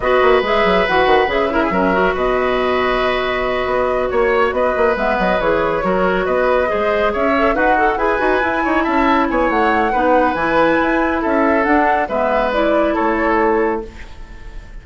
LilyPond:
<<
  \new Staff \with { instrumentName = "flute" } { \time 4/4 \tempo 4 = 139 dis''4 e''4 fis''4 e''4~ | e''4 dis''2.~ | dis''4. cis''4 dis''4 e''8 | dis''8 cis''2 dis''4.~ |
dis''8 e''4 fis''4 gis''4.~ | gis''8 a''4 gis''8 fis''2 | gis''2 e''4 fis''4 | e''4 d''4 cis''2 | }
  \new Staff \with { instrumentName = "oboe" } { \time 4/4 b'2.~ b'8 ais'16 gis'16 | ais'4 b'2.~ | b'4. cis''4 b'4.~ | b'4. ais'4 b'4 c''8~ |
c''8 cis''4 fis'4 b'4. | cis''8 e''4 cis''4. b'4~ | b'2 a'2 | b'2 a'2 | }
  \new Staff \with { instrumentName = "clarinet" } { \time 4/4 fis'4 gis'4 fis'4 gis'8 e'8 | cis'8 fis'2.~ fis'8~ | fis'2.~ fis'8 b8~ | b8 gis'4 fis'2 gis'8~ |
gis'4 a'8 b'8 a'8 gis'8 fis'8 e'8~ | e'2. dis'4 | e'2. d'4 | b4 e'2. | }
  \new Staff \with { instrumentName = "bassoon" } { \time 4/4 b8 ais8 gis8 fis8 e8 dis8 cis4 | fis4 b,2.~ | b,8 b4 ais4 b8 ais8 gis8 | fis8 e4 fis4 b4 gis8~ |
gis8 cis'4 dis'4 e'8 dis'8 e'8 | dis'8 cis'4 b8 a4 b4 | e4 e'4 cis'4 d'4 | gis2 a2 | }
>>